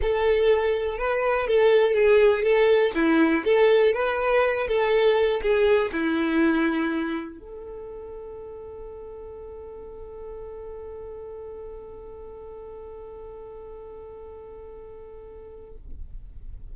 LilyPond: \new Staff \with { instrumentName = "violin" } { \time 4/4 \tempo 4 = 122 a'2 b'4 a'4 | gis'4 a'4 e'4 a'4 | b'4. a'4. gis'4 | e'2. a'4~ |
a'1~ | a'1~ | a'1~ | a'1 | }